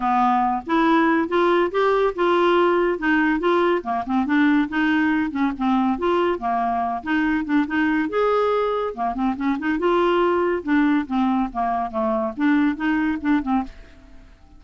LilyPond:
\new Staff \with { instrumentName = "clarinet" } { \time 4/4 \tempo 4 = 141 b4. e'4. f'4 | g'4 f'2 dis'4 | f'4 ais8 c'8 d'4 dis'4~ | dis'8 cis'8 c'4 f'4 ais4~ |
ais8 dis'4 d'8 dis'4 gis'4~ | gis'4 ais8 c'8 cis'8 dis'8 f'4~ | f'4 d'4 c'4 ais4 | a4 d'4 dis'4 d'8 c'8 | }